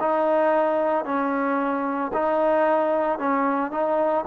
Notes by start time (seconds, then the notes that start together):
0.00 D#4
1.05 C#4
2.13 D#4
3.19 C#4
3.72 D#4